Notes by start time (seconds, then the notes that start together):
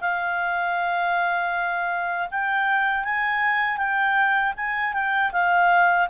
0.00 F5
2.30 G5
3.04 G#5
3.77 G5
4.56 G#5
4.93 G5
5.32 F5